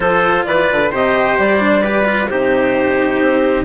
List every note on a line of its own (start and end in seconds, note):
0.00 0.44 F3
0.00 0.91 F4
0.00 0.46 A4
0.00 0.45 C5
0.45 0.69 E3
0.45 0.91 B4
0.45 0.90 D5
0.71 0.92 D3
0.91 1.38 C3
0.91 1.59 G4
0.91 1.82 C5
0.91 1.38 D#5
1.38 2.29 G3
1.38 2.28 D5
1.59 1.82 D4
1.82 2.04 G4
1.82 2.28 B4
2.04 2.27 F4
2.28 3.20 C3
2.28 3.64 D#4
2.28 3.64 G4
2.28 3.64 C5
3.20 3.64 C4